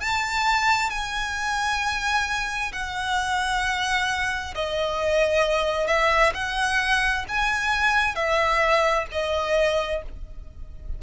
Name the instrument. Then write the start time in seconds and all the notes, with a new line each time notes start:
violin
0.00 A5
0.90 G#5
2.72 F#5
4.55 D#5
5.87 E5
6.34 F#5
7.28 G#5
8.15 E5
9.11 D#5